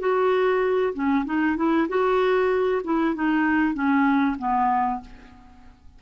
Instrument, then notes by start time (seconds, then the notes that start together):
clarinet
0.00 F#4
0.94 C#4
1.26 D#4
1.57 E4
1.89 F#4
2.84 E4
3.15 D#4
3.74 C#4
4.39 B3